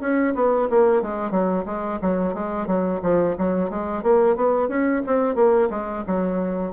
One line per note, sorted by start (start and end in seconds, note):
0.00 0.34 C#4
0.34 0.68 B3
0.70 1.02 A#3
1.02 1.31 G#3
1.31 1.64 F#3
1.65 1.99 G#3
2.01 2.34 F#3
2.34 2.67 G#3
2.67 3.00 F#3
3.02 3.36 F3
3.38 3.70 F#3
3.70 4.02 G#3
4.02 4.36 A#3
4.36 4.68 B3
4.68 5.02 C#4
5.06 5.35 C4
5.35 5.69 A#3
5.70 6.04 G#3
6.06 6.73 F#3